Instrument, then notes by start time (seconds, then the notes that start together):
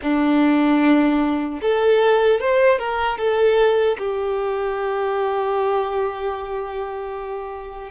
violin
0.02 D4
1.61 A4
2.40 C5
2.78 A#4
3.18 A4
3.98 G4